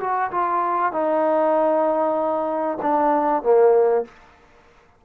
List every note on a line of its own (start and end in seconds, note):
0.00 0.31 F#4
0.31 0.92 F4
0.92 2.78 D#4
2.82 3.43 D4
3.43 4.05 A#3